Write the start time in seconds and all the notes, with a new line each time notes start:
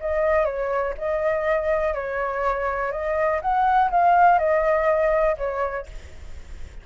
0.00 D#5
0.45 C#5
0.98 D#5
1.94 C#5
2.92 D#5
3.41 F#5
3.90 F5
4.38 D#5
5.37 C#5